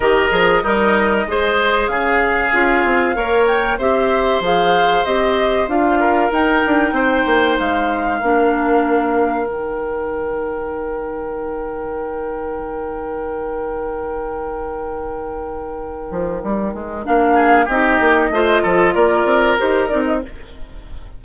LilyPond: <<
  \new Staff \with { instrumentName = "flute" } { \time 4/4 \tempo 4 = 95 dis''2. f''4~ | f''4. g''8 e''4 f''4 | dis''4 f''4 g''2 | f''2. g''4~ |
g''1~ | g''1~ | g''2. f''4 | dis''2 d''4 c''8 d''16 dis''16 | }
  \new Staff \with { instrumentName = "oboe" } { \time 4/4 ais'4 dis'4 c''4 gis'4~ | gis'4 cis''4 c''2~ | c''4. ais'4. c''4~ | c''4 ais'2.~ |
ais'1~ | ais'1~ | ais'2.~ ais'8 gis'8 | g'4 c''8 a'8 ais'2 | }
  \new Staff \with { instrumentName = "clarinet" } { \time 4/4 g'8 gis'8 ais'4 gis'2 | f'4 ais'4 g'4 gis'4 | g'4 f'4 dis'2~ | dis'4 d'2 dis'4~ |
dis'1~ | dis'1~ | dis'2. d'4 | dis'4 f'2 g'8 dis'8 | }
  \new Staff \with { instrumentName = "bassoon" } { \time 4/4 dis8 f8 g4 gis4 cis4 | cis'8 c'8 ais4 c'4 f4 | c'4 d'4 dis'8 d'8 c'8 ais8 | gis4 ais2 dis4~ |
dis1~ | dis1~ | dis4. f8 g8 gis8 ais4 | c'8 ais8 a8 f8 ais8 c'8 dis'8 c'8 | }
>>